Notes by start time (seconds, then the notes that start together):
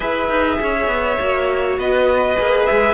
0.00 E4 G#4 B4 E5
0.28 D#4
0.61 C#4 C#5
0.87 B3
1.19 A#3 F#4
1.77 B3 B4 D#5
2.37 A#3 G#4
2.65 G#3 E5